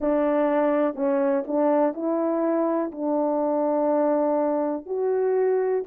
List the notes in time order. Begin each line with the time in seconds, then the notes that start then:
0.00 D4
0.95 C#4
1.47 D4
1.93 E4
2.91 D4
4.86 F#4